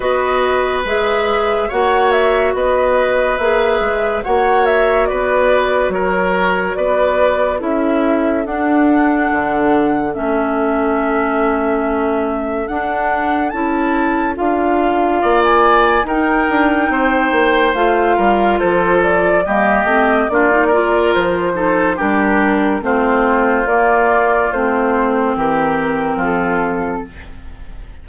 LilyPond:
<<
  \new Staff \with { instrumentName = "flute" } { \time 4/4 \tempo 4 = 71 dis''4 e''4 fis''8 e''8 dis''4 | e''4 fis''8 e''8 d''4 cis''4 | d''4 e''4 fis''2 | e''2. fis''4 |
a''4 f''4~ f''16 gis''8. g''4~ | g''4 f''4 c''8 d''8 dis''4 | d''4 c''4 ais'4 c''4 | d''4 c''4 ais'4 a'4 | }
  \new Staff \with { instrumentName = "oboe" } { \time 4/4 b'2 cis''4 b'4~ | b'4 cis''4 b'4 ais'4 | b'4 a'2.~ | a'1~ |
a'2 d''4 ais'4 | c''4. ais'8 a'4 g'4 | f'8 ais'4 a'8 g'4 f'4~ | f'2 g'4 f'4 | }
  \new Staff \with { instrumentName = "clarinet" } { \time 4/4 fis'4 gis'4 fis'2 | gis'4 fis'2.~ | fis'4 e'4 d'2 | cis'2. d'4 |
e'4 f'2 dis'4~ | dis'4 f'2 ais8 c'8 | d'16 dis'16 f'4 dis'8 d'4 c'4 | ais4 c'2. | }
  \new Staff \with { instrumentName = "bassoon" } { \time 4/4 b4 gis4 ais4 b4 | ais8 gis8 ais4 b4 fis4 | b4 cis'4 d'4 d4 | a2. d'4 |
cis'4 d'4 ais4 dis'8 d'8 | c'8 ais8 a8 g8 f4 g8 a8 | ais4 f4 g4 a4 | ais4 a4 e4 f4 | }
>>